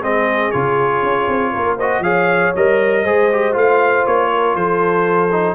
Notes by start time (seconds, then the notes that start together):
0.00 G#3 C4 G#4 D#5
0.51 C#3 F4 C#5
1.02 C#4
1.27 C4
1.53 A#3 A#4
1.76 F#4 C5 D#5
1.99 F3 G#4 C#5 F5
2.55 G3 A#4 D#5
3.03 G#3 G#4 C5
3.32 G4
3.52 A3 F4 F5
4.06 A#3 C#5
4.33 A#4
4.54 F3 A4 C5
5.31 D#4